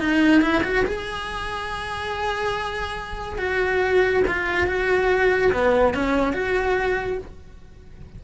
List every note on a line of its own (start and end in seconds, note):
0.00 0.41 D#4
0.41 0.63 E4
0.64 0.85 F#4
0.85 3.38 G#4
3.38 4.23 F#4
4.27 4.67 F4
4.67 5.52 F#4
5.53 5.94 B3
5.94 6.33 C#4
6.33 7.18 F#4